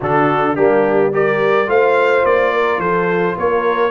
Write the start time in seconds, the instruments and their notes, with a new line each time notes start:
0.00 tuba D3, trombone D4, horn F#4, trumpet A4
0.55 tuba G3, trombone A#3, horn D4, trumpet G4
1.12 trombone G4, horn A#4, trumpet D5
1.66 tuba A3, trombone F4, horn C5, trumpet F5
2.24 tuba A#3, trumpet D5
2.53 horn A#4
2.77 tuba F3, horn A4, trumpet C5
3.37 tuba A#3, horn A#4, trumpet C#5